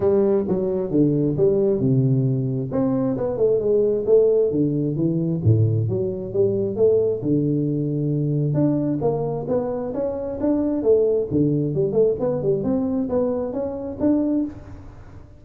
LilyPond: \new Staff \with { instrumentName = "tuba" } { \time 4/4 \tempo 4 = 133 g4 fis4 d4 g4 | c2 c'4 b8 a8 | gis4 a4 d4 e4 | a,4 fis4 g4 a4 |
d2. d'4 | ais4 b4 cis'4 d'4 | a4 d4 g8 a8 b8 g8 | c'4 b4 cis'4 d'4 | }